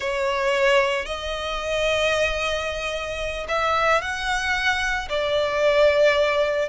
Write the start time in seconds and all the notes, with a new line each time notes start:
0.00 C#5
1.05 D#5
3.48 E5
4.01 F#5
5.09 D5